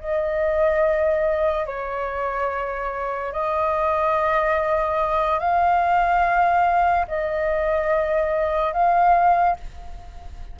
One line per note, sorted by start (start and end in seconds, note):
0.00 1.67 D#5
1.67 3.33 C#5
3.33 5.39 D#5
5.39 7.06 F5
7.08 8.73 D#5
8.73 9.57 F5